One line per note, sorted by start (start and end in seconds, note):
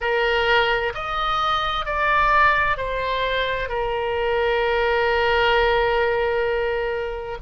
0.00 0.93 A#4
0.94 1.85 D#5
1.85 2.77 D5
2.77 3.68 C5
3.68 7.38 A#4